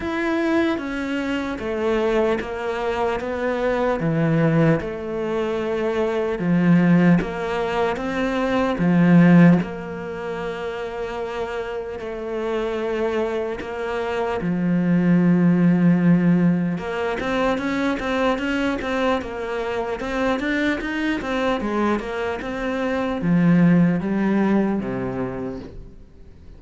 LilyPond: \new Staff \with { instrumentName = "cello" } { \time 4/4 \tempo 4 = 75 e'4 cis'4 a4 ais4 | b4 e4 a2 | f4 ais4 c'4 f4 | ais2. a4~ |
a4 ais4 f2~ | f4 ais8 c'8 cis'8 c'8 cis'8 c'8 | ais4 c'8 d'8 dis'8 c'8 gis8 ais8 | c'4 f4 g4 c4 | }